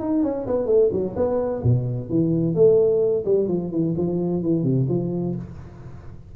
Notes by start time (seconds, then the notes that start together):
0.00 D#4
0.23 C#4
0.47 B3
0.66 A3
0.92 F#3
1.16 B3
1.63 B2
2.10 E3
2.55 A3
3.25 G3
3.48 F3
3.71 E3
3.97 F3
4.42 E3
4.63 C3
4.89 F3